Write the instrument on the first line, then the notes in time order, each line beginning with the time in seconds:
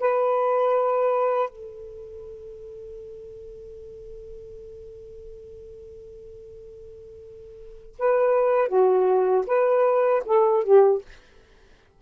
saxophone
0.00 B4
1.49 A4
7.99 B4
8.69 F#4
9.47 B4
10.26 A4
10.64 G4